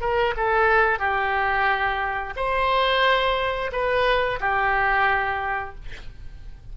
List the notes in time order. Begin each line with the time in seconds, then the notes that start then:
0.00 A#4
0.36 A4
0.98 G4
2.36 C5
3.72 B4
4.40 G4